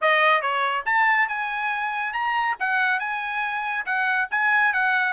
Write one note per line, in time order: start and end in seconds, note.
0.01 0.41 D#5
0.41 0.84 C#5
0.85 1.28 A5
1.28 2.13 G#5
2.13 2.56 A#5
2.59 2.99 F#5
2.99 3.85 G#5
3.85 4.28 F#5
4.30 4.73 G#5
4.73 5.13 F#5